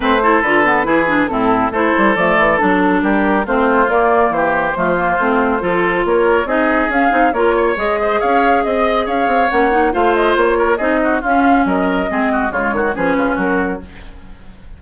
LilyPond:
<<
  \new Staff \with { instrumentName = "flute" } { \time 4/4 \tempo 4 = 139 c''4 b'2 a'4 | c''4 d''4 a'4 ais'4 | c''4 d''4 c''2~ | c''2 cis''4 dis''4 |
f''4 cis''4 dis''4 f''4 | dis''4 f''4 fis''4 f''8 dis''8 | cis''4 dis''4 f''4 dis''4~ | dis''4 cis''4 b'4 ais'4 | }
  \new Staff \with { instrumentName = "oboe" } { \time 4/4 b'8 a'4. gis'4 e'4 | a'2. g'4 | f'2 g'4 f'4~ | f'4 a'4 ais'4 gis'4~ |
gis'4 ais'8 cis''4 c''8 cis''4 | dis''4 cis''2 c''4~ | c''8 ais'8 gis'8 fis'8 f'4 ais'4 | gis'8 fis'8 f'8 fis'8 gis'8 f'8 fis'4 | }
  \new Staff \with { instrumentName = "clarinet" } { \time 4/4 c'8 e'8 f'8 b8 e'8 d'8 c'4 | e'4 a4 d'2 | c'4 ais2 a8 ais8 | c'4 f'2 dis'4 |
cis'8 dis'8 f'4 gis'2~ | gis'2 cis'8 dis'8 f'4~ | f'4 dis'4 cis'2 | c'4 gis4 cis'2 | }
  \new Staff \with { instrumentName = "bassoon" } { \time 4/4 a4 d4 e4 a,4 | a8 g8 f8 e8 fis4 g4 | a4 ais4 e4 f4 | a4 f4 ais4 c'4 |
cis'8 c'8 ais4 gis4 cis'4 | c'4 cis'8 c'8 ais4 a4 | ais4 c'4 cis'4 fis4 | gis4 cis8 dis8 f8 cis8 fis4 | }
>>